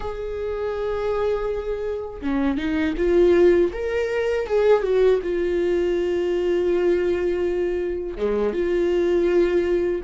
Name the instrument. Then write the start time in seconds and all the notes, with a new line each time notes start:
viola
0.00 G#4
2.21 C#4
2.57 D#4
2.97 F4
3.72 A#4
4.46 G#4
4.82 F#4
5.23 F4
8.16 G#3
8.53 F4